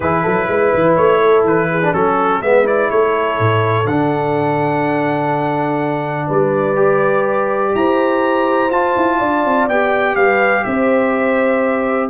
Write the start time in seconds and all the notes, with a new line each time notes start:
0.00 E3 E4 G#4 B4
0.22 F#3 A4
0.48 G#3 B4
0.74 E3
0.96 A3 C#5
1.21 A4
1.44 E3 B4
1.70 G#4
1.82 D4
1.93 F#3 C#4 A4
2.41 G#3 B3 B4 E5
2.64 E4 D5
2.90 A3 A4 C#5
3.39 A2
3.84 D3 D4 F#5
6.26 G3 B4 D5
6.75 G4
7.75 E4 C5 A#5
8.70 F4 A5
8.96 E4
9.17 D4 D5
9.44 C4
9.68 B3 G4 G5
10.15 G3 B4 F5
10.64 C4 C5 E5